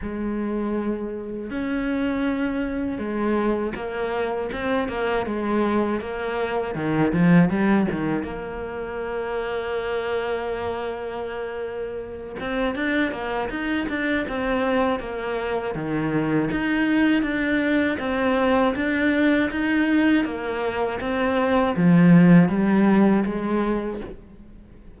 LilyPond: \new Staff \with { instrumentName = "cello" } { \time 4/4 \tempo 4 = 80 gis2 cis'2 | gis4 ais4 c'8 ais8 gis4 | ais4 dis8 f8 g8 dis8 ais4~ | ais1~ |
ais8 c'8 d'8 ais8 dis'8 d'8 c'4 | ais4 dis4 dis'4 d'4 | c'4 d'4 dis'4 ais4 | c'4 f4 g4 gis4 | }